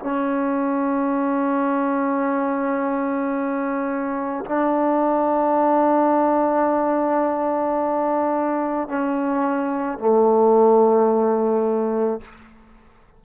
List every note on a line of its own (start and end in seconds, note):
0.00 4.44 C#4
4.45 8.88 D4
8.88 9.98 C#4
9.98 12.21 A3